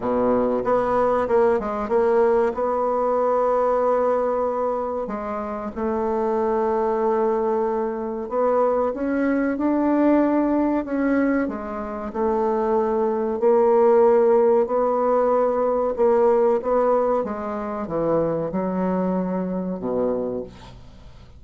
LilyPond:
\new Staff \with { instrumentName = "bassoon" } { \time 4/4 \tempo 4 = 94 b,4 b4 ais8 gis8 ais4 | b1 | gis4 a2.~ | a4 b4 cis'4 d'4~ |
d'4 cis'4 gis4 a4~ | a4 ais2 b4~ | b4 ais4 b4 gis4 | e4 fis2 b,4 | }